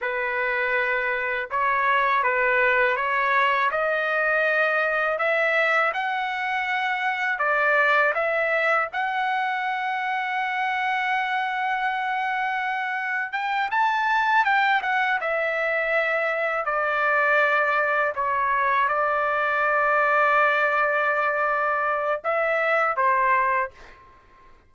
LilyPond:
\new Staff \with { instrumentName = "trumpet" } { \time 4/4 \tempo 4 = 81 b'2 cis''4 b'4 | cis''4 dis''2 e''4 | fis''2 d''4 e''4 | fis''1~ |
fis''2 g''8 a''4 g''8 | fis''8 e''2 d''4.~ | d''8 cis''4 d''2~ d''8~ | d''2 e''4 c''4 | }